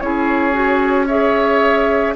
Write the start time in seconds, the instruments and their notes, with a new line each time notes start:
0.00 bassoon C#4, clarinet E4, oboe G#4, flute C#5
0.52 clarinet F#4
1.06 clarinet G#4, oboe C#5, flute E5